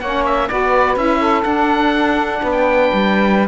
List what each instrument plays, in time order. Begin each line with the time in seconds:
0.00 cello A#3, saxophone C#4 C#5, oboe F#5
0.25 oboe E5
0.48 cello B3, saxophone F#4 B4, oboe D5
0.96 cello C#4, saxophone E4, oboe E5
1.19 saxophone A4
1.43 saxophone D4, cello D4, oboe F#5
2.42 cello B3, saxophone B4
2.52 oboe G5
2.93 cello G3